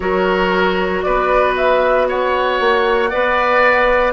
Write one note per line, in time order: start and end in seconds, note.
0.00 1.03 F#3
0.00 3.09 F#4
0.00 1.05 A#4
0.00 1.00 C#5
1.02 2.60 B3
1.02 2.08 B4
1.02 1.53 D5
1.56 2.08 E5
2.08 3.09 C#5
2.08 4.12 F#5
2.60 3.11 A#3
3.09 4.12 B3
3.09 4.12 B4
3.09 4.12 D5